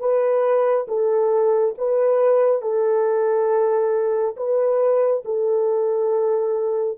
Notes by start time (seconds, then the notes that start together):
0.00 B4
0.88 A4
1.78 B4
2.62 A4
4.37 B4
5.25 A4